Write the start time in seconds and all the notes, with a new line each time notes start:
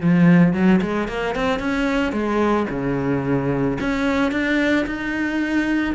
0.00 F3
0.53 F#3
0.81 G#3
1.08 A#3
1.35 C4
1.59 C#4
2.12 G#3
2.70 C#3
3.80 C#4
4.31 D4
4.86 D#4